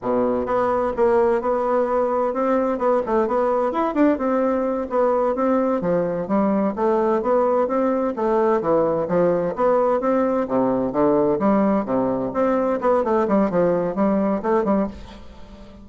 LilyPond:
\new Staff \with { instrumentName = "bassoon" } { \time 4/4 \tempo 4 = 129 b,4 b4 ais4 b4~ | b4 c'4 b8 a8 b4 | e'8 d'8 c'4. b4 c'8~ | c'8 f4 g4 a4 b8~ |
b8 c'4 a4 e4 f8~ | f8 b4 c'4 c4 d8~ | d8 g4 c4 c'4 b8 | a8 g8 f4 g4 a8 g8 | }